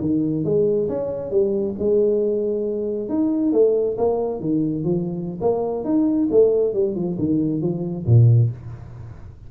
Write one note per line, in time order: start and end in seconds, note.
0.00 0.44 D#3
0.44 0.88 G#3
0.88 1.31 C#4
1.31 1.75 G3
1.78 3.09 G#3
3.09 3.52 D#4
3.52 3.96 A3
3.97 4.40 A#3
4.40 4.84 D#3
4.84 5.39 F3
5.41 5.84 A#3
5.84 6.28 D#4
6.31 6.73 A3
6.73 6.95 G3
6.95 7.17 F3
7.18 7.61 D#3
7.61 8.05 F3
8.06 8.50 A#2